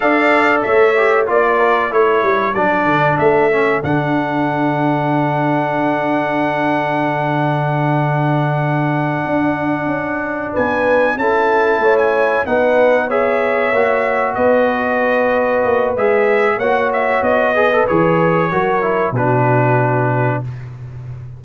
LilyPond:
<<
  \new Staff \with { instrumentName = "trumpet" } { \time 4/4 \tempo 4 = 94 f''4 e''4 d''4 cis''4 | d''4 e''4 fis''2~ | fis''1~ | fis''1~ |
fis''8 gis''4 a''4~ a''16 gis''8. fis''8~ | fis''8 e''2 dis''4.~ | dis''4 e''4 fis''8 e''8 dis''4 | cis''2 b'2 | }
  \new Staff \with { instrumentName = "horn" } { \time 4/4 d''4 cis''4 d''8 ais'8 a'4~ | a'1~ | a'1~ | a'1~ |
a'8 b'4 a'4 cis''4 b'8~ | b'8 cis''2 b'4.~ | b'2 cis''4. b'8~ | b'4 ais'4 fis'2 | }
  \new Staff \with { instrumentName = "trombone" } { \time 4/4 a'4. g'8 f'4 e'4 | d'4. cis'8 d'2~ | d'1~ | d'1~ |
d'4. e'2 dis'8~ | dis'8 gis'4 fis'2~ fis'8~ | fis'4 gis'4 fis'4. gis'16 a'16 | gis'4 fis'8 e'8 d'2 | }
  \new Staff \with { instrumentName = "tuba" } { \time 4/4 d'4 a4 ais4 a8 g8 | fis8 d8 a4 d2~ | d1~ | d2~ d8 d'4 cis'8~ |
cis'8 b4 cis'4 a4 b8~ | b4. ais4 b4.~ | b8 ais8 gis4 ais4 b4 | e4 fis4 b,2 | }
>>